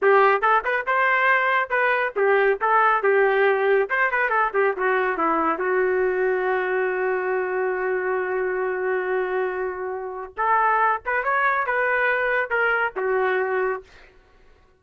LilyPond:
\new Staff \with { instrumentName = "trumpet" } { \time 4/4 \tempo 4 = 139 g'4 a'8 b'8 c''2 | b'4 g'4 a'4 g'4~ | g'4 c''8 b'8 a'8 g'8 fis'4 | e'4 fis'2.~ |
fis'1~ | fis'1 | a'4. b'8 cis''4 b'4~ | b'4 ais'4 fis'2 | }